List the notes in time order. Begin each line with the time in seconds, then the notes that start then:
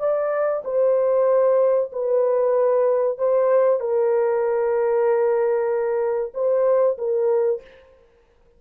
0.00 D5
0.65 C5
1.93 B4
3.18 C5
3.80 A#4
6.34 C5
6.98 A#4